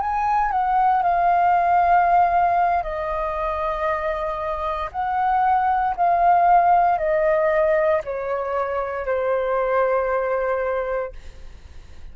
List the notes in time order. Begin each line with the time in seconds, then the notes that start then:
0.00 G#5
0.51 F#5
1.03 F5
2.83 D#5
4.91 F#5
5.96 F5
6.98 D#5
8.04 C#5
9.06 C5